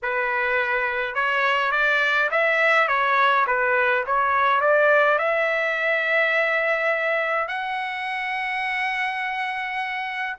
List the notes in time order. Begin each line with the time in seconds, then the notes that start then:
0.02 B4
1.14 C#5
1.72 D5
2.31 E5
2.88 C#5
3.46 B4
4.06 C#5
4.60 D5
5.18 E5
7.47 F#5